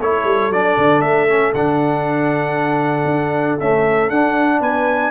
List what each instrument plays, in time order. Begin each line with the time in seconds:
0.00 tuba A3, trombone E4, horn A4, trumpet C#5
0.24 tuba G3
0.49 tuba F#3, trombone D4, trumpet D5
0.78 tuba D3
1.01 tuba A3, trumpet E5
1.28 trombone C#4
1.54 tuba D3, trombone D4, trumpet F#5
3.05 tuba D4
3.60 trombone A3, tuba C#4, trumpet E5
4.10 tuba D4, trombone D4, trumpet F#5
4.60 tuba B3, horn B4, trumpet G#5